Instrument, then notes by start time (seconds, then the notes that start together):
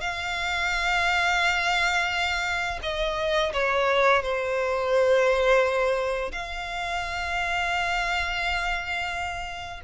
violin
0.00 F5
2.82 D#5
3.53 C#5
4.22 C5
6.31 F5